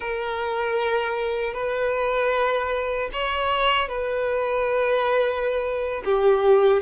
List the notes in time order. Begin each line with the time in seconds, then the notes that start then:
0.00 A#4
1.53 B4
3.12 C#5
3.88 B4
6.05 G4